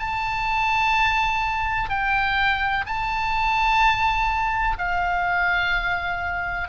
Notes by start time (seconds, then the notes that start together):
0.00 A5
1.90 G5
2.87 A5
4.79 F5